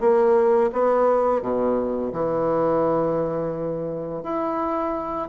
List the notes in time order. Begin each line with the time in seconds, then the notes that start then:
0.00 A#3
0.73 B3
1.41 B2
2.12 E3
4.23 E4